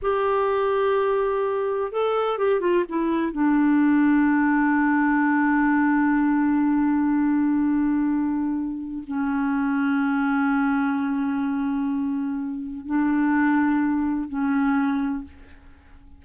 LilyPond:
\new Staff \with { instrumentName = "clarinet" } { \time 4/4 \tempo 4 = 126 g'1 | a'4 g'8 f'8 e'4 d'4~ | d'1~ | d'1~ |
d'2. cis'4~ | cis'1~ | cis'2. d'4~ | d'2 cis'2 | }